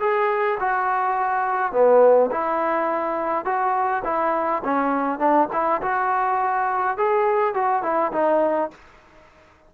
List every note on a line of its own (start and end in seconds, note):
0.00 0.58 G#4
0.60 1.72 F#4
1.72 2.31 B3
2.31 3.45 E4
3.45 4.03 F#4
4.05 4.63 E4
4.64 5.19 C#4
5.19 5.48 D4
5.53 5.82 E4
5.82 6.97 F#4
6.97 7.55 G#4
7.55 7.83 F#4
7.83 8.12 E4
8.13 8.71 D#4